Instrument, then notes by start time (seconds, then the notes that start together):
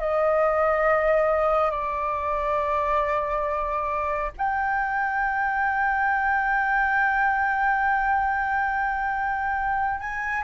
flute
0.00 D#5
1.71 D5
4.38 G5
10.01 G#5